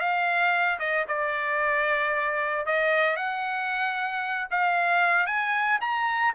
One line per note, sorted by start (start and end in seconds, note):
0.00 0.79 F5
0.79 1.06 D#5
1.08 2.66 D5
2.66 3.17 D#5
3.17 4.48 F#5
4.51 5.27 F5
5.27 5.79 G#5
5.81 6.34 A#5